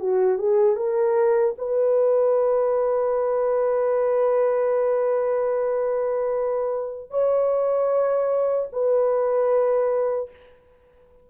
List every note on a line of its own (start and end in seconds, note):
0.00 0.38 F#4
0.38 0.76 G#4
0.76 1.55 A#4
1.58 7.11 B4
7.11 8.69 C#5
8.73 10.31 B4